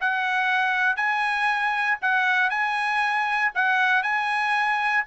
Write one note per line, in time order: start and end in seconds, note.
0.00 0.96 F#5
0.96 1.98 G#5
2.01 2.50 F#5
2.50 3.52 G#5
3.55 4.02 F#5
4.02 5.04 G#5